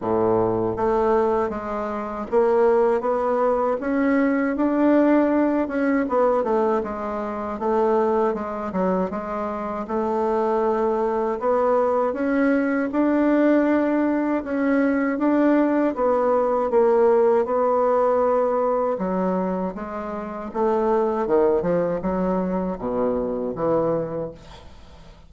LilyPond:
\new Staff \with { instrumentName = "bassoon" } { \time 4/4 \tempo 4 = 79 a,4 a4 gis4 ais4 | b4 cis'4 d'4. cis'8 | b8 a8 gis4 a4 gis8 fis8 | gis4 a2 b4 |
cis'4 d'2 cis'4 | d'4 b4 ais4 b4~ | b4 fis4 gis4 a4 | dis8 f8 fis4 b,4 e4 | }